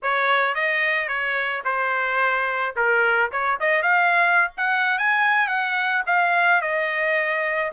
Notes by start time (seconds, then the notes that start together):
0.02 C#5
0.54 D#5
1.07 C#5
1.65 C5
2.75 A#4
3.31 C#5
3.60 D#5
3.82 F5
4.57 F#5
4.98 G#5
5.47 F#5
6.06 F5
6.61 D#5